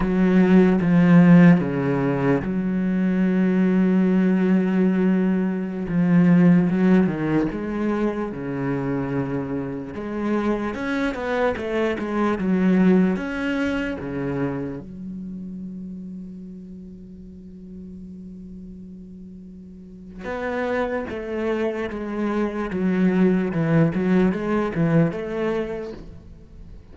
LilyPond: \new Staff \with { instrumentName = "cello" } { \time 4/4 \tempo 4 = 74 fis4 f4 cis4 fis4~ | fis2.~ fis16 f8.~ | f16 fis8 dis8 gis4 cis4.~ cis16~ | cis16 gis4 cis'8 b8 a8 gis8 fis8.~ |
fis16 cis'4 cis4 fis4.~ fis16~ | fis1~ | fis4 b4 a4 gis4 | fis4 e8 fis8 gis8 e8 a4 | }